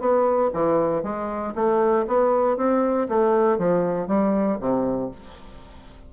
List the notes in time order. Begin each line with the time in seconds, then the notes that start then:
0.00 B3
0.54 E3
1.03 G#3
1.55 A3
2.08 B3
2.57 C4
3.09 A3
3.59 F3
4.08 G3
4.61 C3